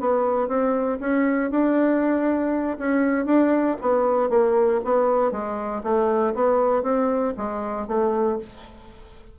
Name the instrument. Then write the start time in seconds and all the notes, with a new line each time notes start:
bassoon
0.00 B3
0.48 C4
1.00 C#4
1.50 D4
2.78 C#4
3.26 D4
3.81 B3
4.30 A#3
4.84 B3
5.32 G#3
5.83 A3
6.34 B3
6.83 C4
7.37 G#3
7.87 A3